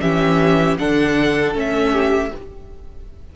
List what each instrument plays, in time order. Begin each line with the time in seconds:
0.00 cello E3, viola C#4, violin G4 E5
0.78 cello D3, viola D4, violin A4 F#5
1.54 cello A3, viola C#4, violin E5
1.91 violin G4